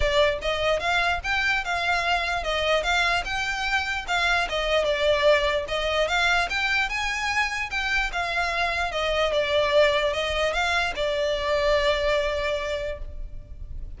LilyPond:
\new Staff \with { instrumentName = "violin" } { \time 4/4 \tempo 4 = 148 d''4 dis''4 f''4 g''4 | f''2 dis''4 f''4 | g''2 f''4 dis''4 | d''2 dis''4 f''4 |
g''4 gis''2 g''4 | f''2 dis''4 d''4~ | d''4 dis''4 f''4 d''4~ | d''1 | }